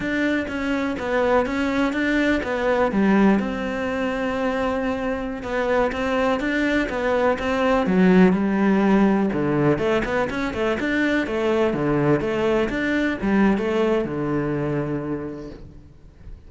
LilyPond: \new Staff \with { instrumentName = "cello" } { \time 4/4 \tempo 4 = 124 d'4 cis'4 b4 cis'4 | d'4 b4 g4 c'4~ | c'2.~ c'16 b8.~ | b16 c'4 d'4 b4 c'8.~ |
c'16 fis4 g2 d8.~ | d16 a8 b8 cis'8 a8 d'4 a8.~ | a16 d4 a4 d'4 g8. | a4 d2. | }